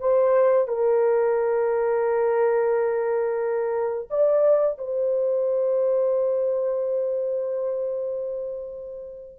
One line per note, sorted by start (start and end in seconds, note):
0.00 0.68 C5
0.68 4.09 A#4
4.10 4.79 D5
4.79 9.39 C5